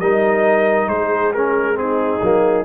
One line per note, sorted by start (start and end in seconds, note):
0.00 0.88 G3
0.00 1.35 D#4
0.00 0.89 A#4
0.00 0.89 D#5
0.88 2.20 G#3
0.88 1.81 G#4
0.88 1.33 C5
1.34 1.75 C#4
1.34 1.78 A#4
1.75 2.19 C4
1.75 2.65 D#4
1.75 2.65 G#4
2.22 2.65 F#3
2.22 2.65 A#3